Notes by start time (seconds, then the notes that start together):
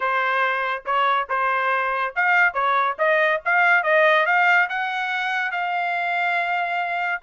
0.00 C5
0.85 C#5
1.29 C5
2.15 F5
2.53 C#5
2.98 D#5
3.45 F5
3.83 D#5
4.26 F5
4.69 F#5
5.51 F5